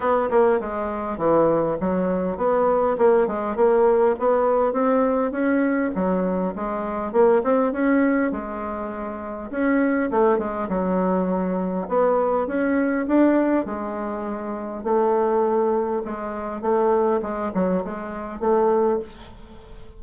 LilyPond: \new Staff \with { instrumentName = "bassoon" } { \time 4/4 \tempo 4 = 101 b8 ais8 gis4 e4 fis4 | b4 ais8 gis8 ais4 b4 | c'4 cis'4 fis4 gis4 | ais8 c'8 cis'4 gis2 |
cis'4 a8 gis8 fis2 | b4 cis'4 d'4 gis4~ | gis4 a2 gis4 | a4 gis8 fis8 gis4 a4 | }